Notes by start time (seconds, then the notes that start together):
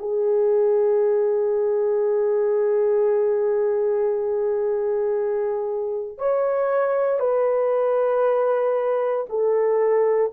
0.00 G#4
6.18 C#5
7.20 B4
9.30 A4